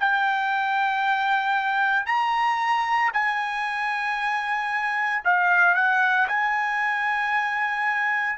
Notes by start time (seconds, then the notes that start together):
0.00 G5
2.07 A#5
3.13 G#5
5.25 F5
5.76 F#5
6.29 G#5